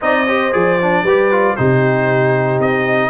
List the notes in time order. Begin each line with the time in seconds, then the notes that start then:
0.01 C4 D#4 D5 D#5
0.27 G4 C5
0.52 F3 G#4 D5
0.81 D4
1.03 G3 G4 B4
1.31 F4
1.56 C3 D#4 G4 C5
2.59 C4 D#5